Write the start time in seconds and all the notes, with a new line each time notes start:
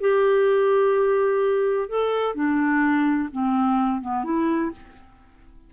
0.00 G4
1.88 A4
2.34 D4
3.32 C4
4.01 B3
4.23 E4